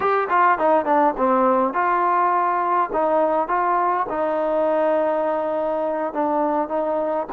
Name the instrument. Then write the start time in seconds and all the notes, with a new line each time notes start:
trombone
0.00 G4
0.29 F4
0.58 D#4
0.85 D4
1.17 C4
1.73 F4
2.93 D#4
3.48 F4
4.09 D#4
6.13 D4
6.68 D#4